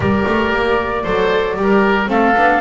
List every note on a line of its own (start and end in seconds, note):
0.00 0.24 G3
0.00 1.04 G4
0.00 1.03 A#4
0.00 2.05 D5
0.26 0.52 A3
0.52 1.04 A#3
1.03 1.56 F#3
1.03 1.56 A4
1.03 1.55 C5
1.56 2.08 G3
1.56 2.06 G4
1.56 2.10 A#4
2.06 2.35 A3
2.06 2.32 C4
2.06 2.61 A4
2.06 2.61 F5
2.36 2.61 B3
2.36 2.61 D4